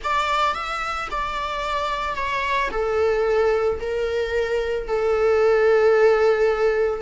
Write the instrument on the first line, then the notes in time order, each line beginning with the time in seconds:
viola
0.03 D5
0.54 E5
1.10 D5
2.15 C#5
2.71 A4
3.80 A#4
4.87 A4